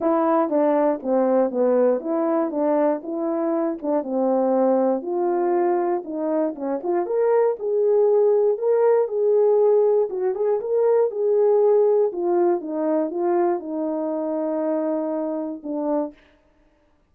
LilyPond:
\new Staff \with { instrumentName = "horn" } { \time 4/4 \tempo 4 = 119 e'4 d'4 c'4 b4 | e'4 d'4 e'4. d'8 | c'2 f'2 | dis'4 cis'8 f'8 ais'4 gis'4~ |
gis'4 ais'4 gis'2 | fis'8 gis'8 ais'4 gis'2 | f'4 dis'4 f'4 dis'4~ | dis'2. d'4 | }